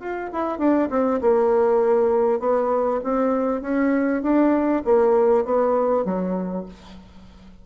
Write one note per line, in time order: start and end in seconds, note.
0.00 0.30 F4
0.33 0.59 E4
0.59 0.89 D4
0.90 1.21 C4
1.21 2.40 A#3
2.40 3.01 B3
3.04 3.62 C4
3.62 4.23 C#4
4.23 4.83 D4
4.85 5.45 A#3
5.45 6.05 B3
6.05 6.66 F#3